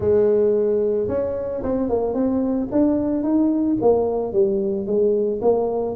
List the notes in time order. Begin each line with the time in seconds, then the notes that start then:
0.00 G#3
1.08 C#4
1.63 C4
1.89 A#3
2.14 C4
2.71 D4
3.23 D#4
3.81 A#3
4.32 G3
4.86 G#3
5.41 A#3